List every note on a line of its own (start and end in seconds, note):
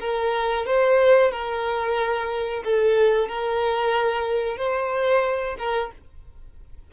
0.00 0.66 A#4
0.66 1.31 C5
1.31 2.63 A#4
2.64 3.28 A4
3.28 4.57 A#4
4.57 5.56 C5
5.58 5.91 A#4